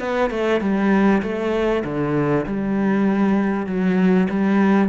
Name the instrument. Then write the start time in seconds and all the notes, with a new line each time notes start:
cello
0.00 B3
0.31 A3
0.61 G3
1.23 A3
1.85 D3
2.46 G3
3.67 F#3
4.30 G3